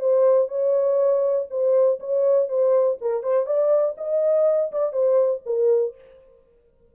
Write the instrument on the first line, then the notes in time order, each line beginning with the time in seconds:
horn
0.00 C5
0.49 C#5
1.50 C5
2.00 C#5
2.49 C5
3.02 A#4
3.23 C5
3.46 D5
3.98 D#5
4.72 D5
4.93 C5
5.46 A#4